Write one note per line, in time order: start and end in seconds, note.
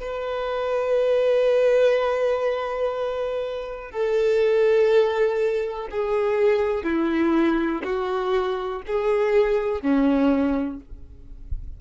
0.00 3.91 B4
3.91 5.88 A4
5.91 6.84 G#4
6.84 7.82 E4
7.83 8.82 F#4
8.87 9.81 G#4
9.81 10.80 C#4